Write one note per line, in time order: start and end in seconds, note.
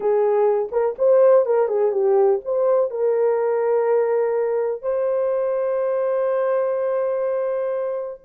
0.00 0.69 G#4
0.71 0.95 A#4
0.98 1.45 C5
1.45 1.68 A#4
1.68 1.91 G#4
1.91 2.40 G4
2.44 2.90 C5
2.90 4.82 A#4
4.82 8.20 C5